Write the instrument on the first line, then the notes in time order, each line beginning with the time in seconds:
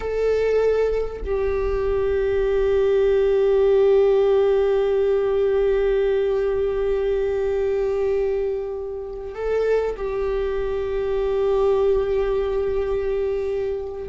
viola
0.00 A4
1.24 G4
9.34 A4
9.96 G4